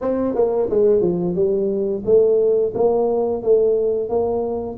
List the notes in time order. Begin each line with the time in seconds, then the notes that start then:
0.01 C4
0.34 A#3
0.70 G#3
1.01 F3
1.35 G3
2.05 A3
2.74 A#3
3.42 A3
4.09 A#3